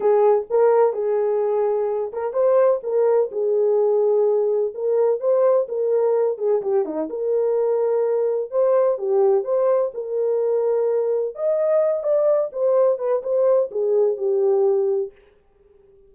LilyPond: \new Staff \with { instrumentName = "horn" } { \time 4/4 \tempo 4 = 127 gis'4 ais'4 gis'2~ | gis'8 ais'8 c''4 ais'4 gis'4~ | gis'2 ais'4 c''4 | ais'4. gis'8 g'8 dis'8 ais'4~ |
ais'2 c''4 g'4 | c''4 ais'2. | dis''4. d''4 c''4 b'8 | c''4 gis'4 g'2 | }